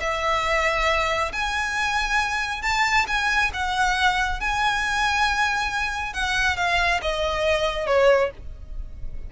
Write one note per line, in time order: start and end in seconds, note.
0.00 1.31 E5
1.32 2.62 G#5
2.62 3.06 A5
3.07 3.51 G#5
3.53 4.40 F#5
4.40 6.13 G#5
6.13 6.56 F#5
6.56 7.00 F5
7.01 7.86 D#5
7.86 8.30 C#5